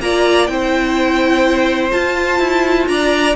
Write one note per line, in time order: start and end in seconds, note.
0.00 0.48 A#3
0.00 0.48 F4
0.00 0.52 D5
0.00 0.47 A#5
0.47 1.92 C4
0.47 1.90 E4
0.47 2.89 C5
0.47 1.91 G5
1.90 3.34 F4
1.90 2.39 F4
1.90 2.88 A5
2.39 2.87 E4
2.88 3.36 D4
2.88 3.36 D5
2.88 3.35 A#5